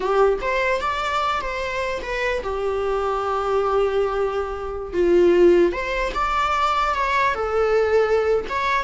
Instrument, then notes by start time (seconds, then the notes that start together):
viola
0.00 G4
0.41 C5
0.80 D5
1.41 C5
2.02 B4
2.43 G4
4.93 F4
5.72 C5
6.14 D5
6.94 C#5
7.34 A4
8.49 C#5